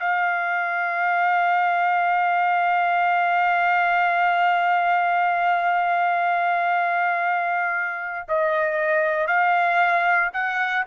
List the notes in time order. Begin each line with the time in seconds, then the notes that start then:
0.00 F5
8.29 D#5
9.28 F5
10.34 F#5